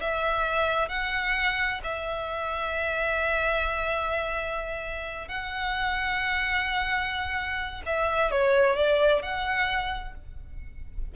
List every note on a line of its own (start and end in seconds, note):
0.00 0.89 E5
0.89 1.81 F#5
1.84 5.28 E5
5.28 7.82 F#5
7.86 8.31 E5
8.31 8.76 C#5
8.76 9.22 D5
9.22 10.15 F#5